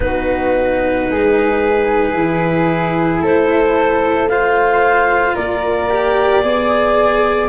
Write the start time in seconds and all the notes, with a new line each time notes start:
0.00 B3 D#4 F#4 B4
1.10 G#3 G#4
2.13 E3 E4
3.19 A3 A4 C5
4.29 F4 C5 F5
5.34 A#3 A#4 D5
5.89 G4
6.42 B3 G#4 D5